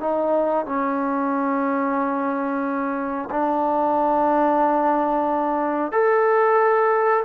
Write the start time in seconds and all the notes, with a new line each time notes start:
0.00 D#4
0.66 C#4
3.31 D4
5.92 A4